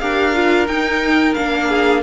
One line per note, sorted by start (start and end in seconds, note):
0.00 0.68 D4
0.00 0.35 G4
0.00 1.68 A#4
0.00 0.67 F5
0.35 0.68 F4
0.68 1.35 D#4
0.68 1.37 D#4
0.68 1.35 G5
1.35 2.03 A#3
1.35 2.03 D4
1.35 2.02 F5
1.68 2.02 G#4